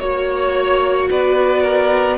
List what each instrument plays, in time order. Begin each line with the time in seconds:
0.00 cello A#3, viola F#4, violin C#5
1.11 cello B3, violin B4 D5
1.63 violin A#4